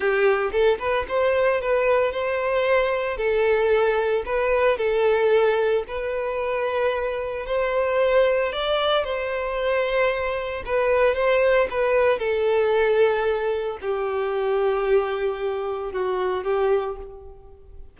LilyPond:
\new Staff \with { instrumentName = "violin" } { \time 4/4 \tempo 4 = 113 g'4 a'8 b'8 c''4 b'4 | c''2 a'2 | b'4 a'2 b'4~ | b'2 c''2 |
d''4 c''2. | b'4 c''4 b'4 a'4~ | a'2 g'2~ | g'2 fis'4 g'4 | }